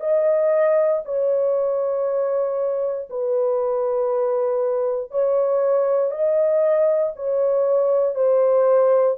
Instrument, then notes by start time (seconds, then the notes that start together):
horn
0.00 D#5
1.05 C#5
3.10 B4
5.11 C#5
6.11 D#5
7.16 C#5
8.14 C5